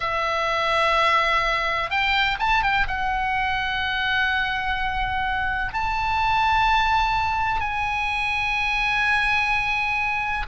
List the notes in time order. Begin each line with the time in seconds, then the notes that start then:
0.00 E5
1.90 G5
2.39 A5
2.62 G5
2.87 F#5
5.73 A5
7.60 G#5